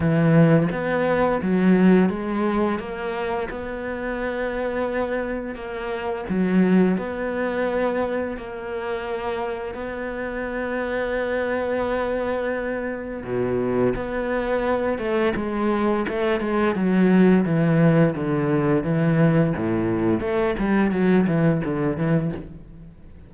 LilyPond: \new Staff \with { instrumentName = "cello" } { \time 4/4 \tempo 4 = 86 e4 b4 fis4 gis4 | ais4 b2. | ais4 fis4 b2 | ais2 b2~ |
b2. b,4 | b4. a8 gis4 a8 gis8 | fis4 e4 d4 e4 | a,4 a8 g8 fis8 e8 d8 e8 | }